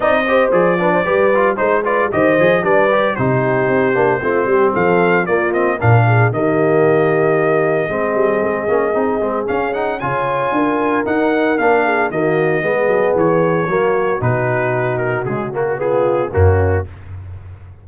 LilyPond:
<<
  \new Staff \with { instrumentName = "trumpet" } { \time 4/4 \tempo 4 = 114 dis''4 d''2 c''8 d''8 | dis''4 d''4 c''2~ | c''4 f''4 d''8 dis''8 f''4 | dis''1~ |
dis''2 f''8 fis''8 gis''4~ | gis''4 fis''4 f''4 dis''4~ | dis''4 cis''2 b'4~ | b'8 ais'8 gis'8 fis'8 gis'4 fis'4 | }
  \new Staff \with { instrumentName = "horn" } { \time 4/4 d''8 c''4 b'16 c''16 b'4 c''8 b'8 | c''4 b'4 g'2 | f'8 g'8 a'4 f'4 ais'8 gis'8 | g'2. gis'4~ |
gis'2. cis''4 | ais'2~ ais'8 gis'8 fis'4 | gis'2 fis'2~ | fis'2 f'4 cis'4 | }
  \new Staff \with { instrumentName = "trombone" } { \time 4/4 dis'8 g'8 gis'8 d'8 g'8 f'8 dis'8 f'8 | g'8 gis'8 d'8 g'8 dis'4. d'8 | c'2 ais8 c'8 d'4 | ais2. c'4~ |
c'8 cis'8 dis'8 c'8 cis'8 dis'8 f'4~ | f'4 dis'4 d'4 ais4 | b2 ais4 dis'4~ | dis'4 gis8 ais8 b4 ais4 | }
  \new Staff \with { instrumentName = "tuba" } { \time 4/4 c'4 f4 g4 gis4 | dis8 f8 g4 c4 c'8 ais8 | a8 g8 f4 ais4 ais,4 | dis2. gis8 g8 |
gis8 ais8 c'8 gis8 cis'4 cis4 | d'4 dis'4 ais4 dis4 | gis8 fis8 e4 fis4 b,4~ | b,4 cis2 fis,4 | }
>>